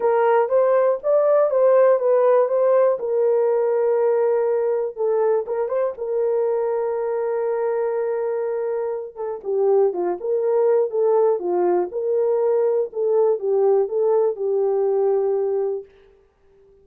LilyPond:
\new Staff \with { instrumentName = "horn" } { \time 4/4 \tempo 4 = 121 ais'4 c''4 d''4 c''4 | b'4 c''4 ais'2~ | ais'2 a'4 ais'8 c''8 | ais'1~ |
ais'2~ ais'8 a'8 g'4 | f'8 ais'4. a'4 f'4 | ais'2 a'4 g'4 | a'4 g'2. | }